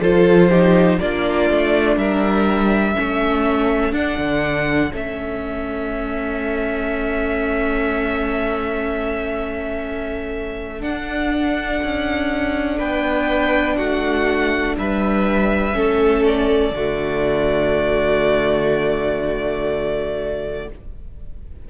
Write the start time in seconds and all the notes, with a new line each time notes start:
0.00 F3 F4 A4 C5
0.51 D#4 G4
1.00 A#3 D4 F4 D5
1.50 A3
1.97 G3 A#4 E5
2.95 A3 C#4 A4
3.93 D4 F#5
4.18 D3
4.92 A3 C#4 E5
10.80 D4 F#5
11.84 C#4
12.78 B3 B4 G5
13.77 A3 F#4 F#5
14.78 G3 B4 E5
15.73 A3 C#4 A4
16.27 D5
16.72 D3 A3 F#4